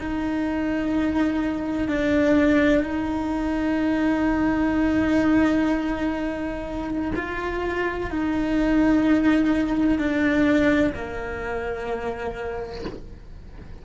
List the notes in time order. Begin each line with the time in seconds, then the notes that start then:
0.00 D#4
1.89 D4
2.84 D#4
7.16 F4
8.11 D#4
9.99 D4
10.95 A#3